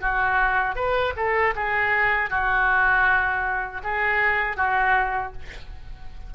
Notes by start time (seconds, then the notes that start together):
0.00 F#4
0.75 B4
1.16 A4
1.55 G#4
2.29 F#4
3.83 G#4
4.56 F#4